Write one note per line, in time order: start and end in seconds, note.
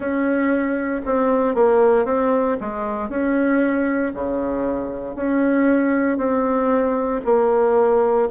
0.00 1.01 C#4
1.05 1.55 C4
1.55 2.05 A#3
2.05 2.57 C4
2.60 3.08 G#3
3.08 4.12 C#4
4.14 5.15 C#3
5.15 6.17 C#4
6.17 7.20 C4
7.25 8.28 A#3